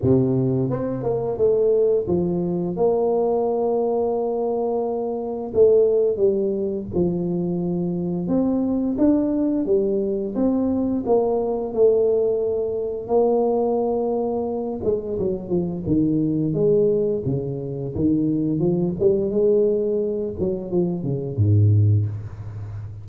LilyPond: \new Staff \with { instrumentName = "tuba" } { \time 4/4 \tempo 4 = 87 c4 c'8 ais8 a4 f4 | ais1 | a4 g4 f2 | c'4 d'4 g4 c'4 |
ais4 a2 ais4~ | ais4. gis8 fis8 f8 dis4 | gis4 cis4 dis4 f8 g8 | gis4. fis8 f8 cis8 gis,4 | }